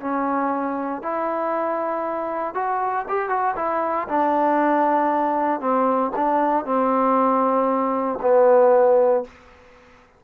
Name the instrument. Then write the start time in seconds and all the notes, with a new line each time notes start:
trombone
0.00 C#4
1.02 E4
2.54 F#4
3.08 G4
3.29 F#4
3.56 E4
4.07 D4
5.60 C4
6.15 D4
6.65 C4
8.21 B3